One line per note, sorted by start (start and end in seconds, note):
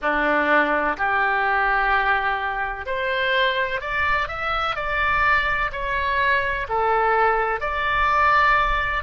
0.01 0.97 D4
0.97 2.86 G4
2.86 3.81 C5
3.81 4.28 D5
4.28 4.75 E5
4.75 5.71 D5
5.71 6.67 C#5
6.68 7.60 A4
7.60 9.03 D5